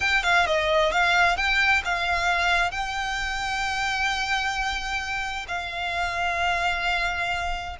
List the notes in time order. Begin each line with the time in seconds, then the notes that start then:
0.00 G5
0.23 F5
0.46 D#5
0.92 F5
1.36 G5
1.84 F5
2.71 G5
5.48 F5